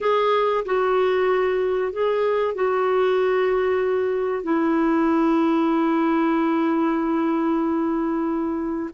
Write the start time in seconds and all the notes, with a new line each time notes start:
0.00 G#4
0.65 F#4
1.92 G#4
2.54 F#4
4.43 E4